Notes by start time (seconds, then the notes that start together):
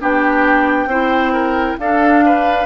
0.00 B3 D4 G4 G5
0.86 C4 E4 C5
1.33 A#4
1.79 D4 A4 F5
2.26 B4